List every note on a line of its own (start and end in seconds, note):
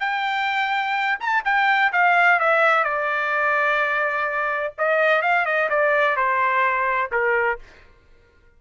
0.00 1.18 G5
1.20 1.43 A5
1.45 1.92 G5
1.92 2.39 F5
2.39 2.84 E5
2.84 4.73 D5
4.78 5.22 D#5
5.22 5.45 F5
5.45 5.69 D#5
5.70 6.16 D5
6.16 7.11 C5
7.12 7.59 A#4